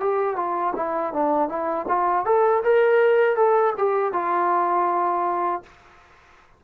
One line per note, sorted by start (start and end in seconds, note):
0.00 0.36 G4
0.36 0.74 F4
0.76 1.13 E4
1.13 1.49 D4
1.49 1.86 E4
1.88 2.25 F4
2.25 2.63 A4
2.64 3.36 A#4
3.36 3.74 A4
3.78 4.13 G4
4.13 5.63 F4